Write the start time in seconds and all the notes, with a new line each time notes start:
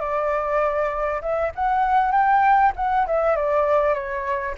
0.00 D5
1.21 E5
1.55 F#5
2.12 G5
2.76 F#5
3.07 E5
3.36 D5
3.94 C#5